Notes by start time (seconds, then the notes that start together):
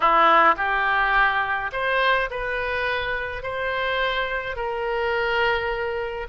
0.00 E4
0.56 G4
1.72 C5
2.30 B4
3.42 C5
4.56 A#4